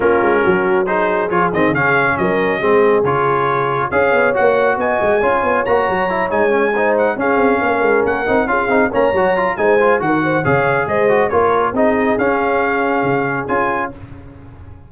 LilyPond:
<<
  \new Staff \with { instrumentName = "trumpet" } { \time 4/4 \tempo 4 = 138 ais'2 c''4 cis''8 dis''8 | f''4 dis''2 cis''4~ | cis''4 f''4 fis''4 gis''4~ | gis''4 ais''4. gis''4. |
fis''8 f''2 fis''4 f''8~ | f''8 ais''4. gis''4 fis''4 | f''4 dis''4 cis''4 dis''4 | f''2. gis''4 | }
  \new Staff \with { instrumentName = "horn" } { \time 4/4 f'4 fis'4 gis'2~ | gis'4 ais'4 gis'2~ | gis'4 cis''2 dis''4 | cis''2.~ cis''8 c''8~ |
c''8 gis'4 ais'2 gis'8~ | gis'8 cis''4. c''4 ais'8 c''8 | cis''4 c''4 ais'4 gis'4~ | gis'1 | }
  \new Staff \with { instrumentName = "trombone" } { \time 4/4 cis'2 dis'4 f'8 c'8 | cis'2 c'4 f'4~ | f'4 gis'4 fis'2 | f'4 fis'4 e'8 dis'8 cis'8 dis'8~ |
dis'8 cis'2~ cis'8 dis'8 f'8 | dis'8 cis'8 fis'8 f'8 dis'8 f'8 fis'4 | gis'4. fis'8 f'4 dis'4 | cis'2. f'4 | }
  \new Staff \with { instrumentName = "tuba" } { \time 4/4 ais8 gis8 fis2 f8 dis8 | cis4 fis4 gis4 cis4~ | cis4 cis'8 b8 ais4 b8 gis8 | cis'8 b8 ais8 fis4 gis4.~ |
gis8 cis'8 c'8 ais8 gis8 ais8 c'8 cis'8 | c'8 ais8 fis4 gis4 dis4 | cis4 gis4 ais4 c'4 | cis'2 cis4 cis'4 | }
>>